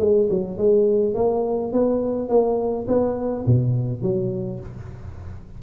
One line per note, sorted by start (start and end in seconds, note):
0.00 0.29 G#3
0.30 0.58 F#3
0.58 1.15 G#3
1.15 1.72 A#3
1.73 2.29 B3
2.29 2.87 A#3
2.88 3.45 B3
3.46 4.02 B2
4.02 4.60 F#3